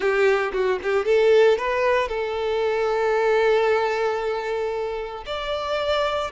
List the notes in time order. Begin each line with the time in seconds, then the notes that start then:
0.00 G4
0.53 F#4
0.82 G4
1.05 A4
1.58 B4
2.08 A4
5.25 D5